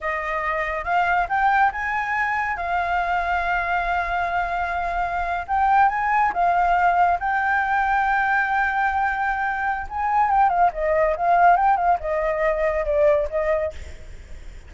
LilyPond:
\new Staff \with { instrumentName = "flute" } { \time 4/4 \tempo 4 = 140 dis''2 f''4 g''4 | gis''2 f''2~ | f''1~ | f''8. g''4 gis''4 f''4~ f''16~ |
f''8. g''2.~ g''16~ | g''2. gis''4 | g''8 f''8 dis''4 f''4 g''8 f''8 | dis''2 d''4 dis''4 | }